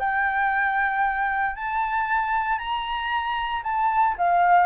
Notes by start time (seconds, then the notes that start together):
0.00 G5
1.56 A5
2.59 A#5
3.64 A5
4.18 F5